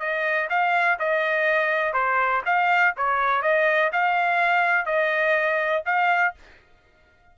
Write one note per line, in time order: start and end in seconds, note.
0.00 0.49 D#5
0.50 0.99 F5
1.00 1.93 D#5
1.93 2.42 C5
2.46 2.95 F5
2.97 3.43 C#5
3.43 3.91 D#5
3.93 4.86 F5
4.86 5.84 D#5
5.86 6.35 F5